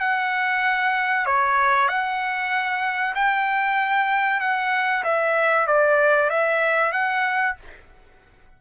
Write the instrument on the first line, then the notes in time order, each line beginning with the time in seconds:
trumpet
0.00 F#5
1.26 C#5
1.88 F#5
3.15 G5
4.41 F#5
5.04 E5
5.67 D5
6.30 E5
6.92 F#5